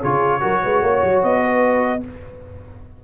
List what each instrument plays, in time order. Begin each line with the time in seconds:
0.00 tuba C#3, trombone F4, horn G#4, trumpet C#5
0.40 tuba F#3, trombone F#4, horn A#4
0.63 tuba G#3, horn B4
0.82 tuba A#3, horn C#5
1.03 tuba F#3
1.23 tuba B3, trumpet D#5
1.44 horn B4